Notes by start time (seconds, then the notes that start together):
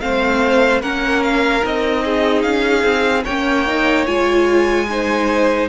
0.00 A3 C4 C5 F5
0.82 A#3 C#4 A#4 F#5
1.23 F5
1.61 C4 D#4 D#5
2.04 G#4
2.42 C#4 F5
2.83 C4
3.24 A#3 C#4 C#5 G5
3.68 D#4
4.06 G#3 F4 G#5
4.89 D#4 C5